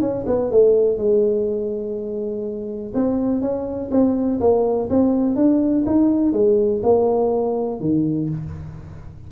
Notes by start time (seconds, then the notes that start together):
0.00 C#4
0.26 B3
0.51 A3
0.97 G#3
2.94 C4
3.41 C#4
3.91 C4
4.40 A#3
4.89 C4
5.35 D4
5.86 D#4
6.32 G#3
6.82 A#3
7.80 D#3